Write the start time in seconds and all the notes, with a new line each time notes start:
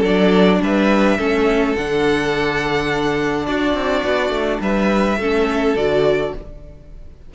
0.00 F#3 D4 A4 D5
0.61 G3 B4 E5
1.18 A3 C#4 A4
1.76 D3 D4 F#5
3.46 D4 F#4 D5
3.74 C4
4.04 B3
4.30 A3
4.60 G3 B4 E5
5.17 A3 C#4 A4
5.76 D3 F#4 D5